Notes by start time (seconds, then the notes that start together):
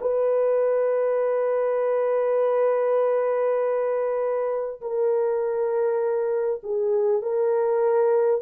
0.00 B4
4.81 A#4
6.63 G#4
7.22 A#4